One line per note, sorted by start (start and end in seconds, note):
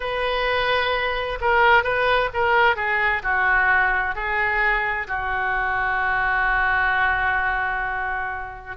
0.00 1.38 B4
1.40 1.83 A#4
1.83 2.29 B4
2.33 2.76 A#4
2.76 3.22 G#4
3.22 4.15 F#4
4.15 5.07 G#4
5.07 8.77 F#4